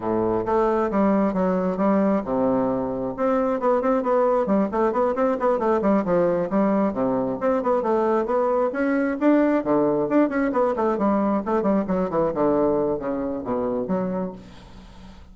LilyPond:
\new Staff \with { instrumentName = "bassoon" } { \time 4/4 \tempo 4 = 134 a,4 a4 g4 fis4 | g4 c2 c'4 | b8 c'8 b4 g8 a8 b8 c'8 | b8 a8 g8 f4 g4 c8~ |
c8 c'8 b8 a4 b4 cis'8~ | cis'8 d'4 d4 d'8 cis'8 b8 | a8 g4 a8 g8 fis8 e8 d8~ | d4 cis4 b,4 fis4 | }